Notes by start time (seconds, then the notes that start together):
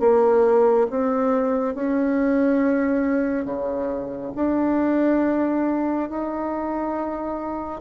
0.00 A#3
0.90 C4
1.75 C#4
3.45 C#3
4.36 D4
6.10 D#4